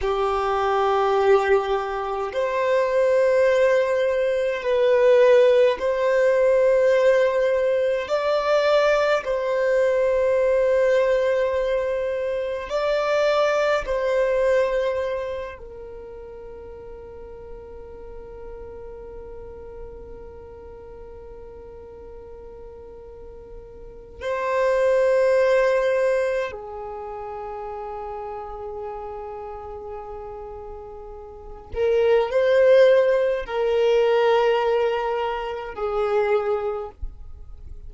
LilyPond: \new Staff \with { instrumentName = "violin" } { \time 4/4 \tempo 4 = 52 g'2 c''2 | b'4 c''2 d''4 | c''2. d''4 | c''4. ais'2~ ais'8~ |
ais'1~ | ais'4 c''2 gis'4~ | gis'2.~ gis'8 ais'8 | c''4 ais'2 gis'4 | }